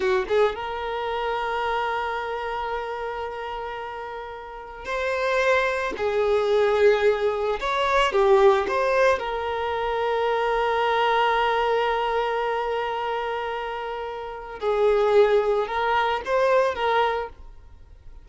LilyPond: \new Staff \with { instrumentName = "violin" } { \time 4/4 \tempo 4 = 111 fis'8 gis'8 ais'2.~ | ais'1~ | ais'4 c''2 gis'4~ | gis'2 cis''4 g'4 |
c''4 ais'2.~ | ais'1~ | ais'2. gis'4~ | gis'4 ais'4 c''4 ais'4 | }